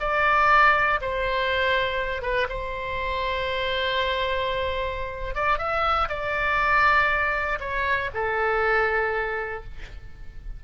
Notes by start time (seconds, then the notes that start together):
0.00 D5
1.01 C5
2.22 B4
2.49 C5
5.35 D5
5.58 E5
6.09 D5
7.60 C#5
8.14 A4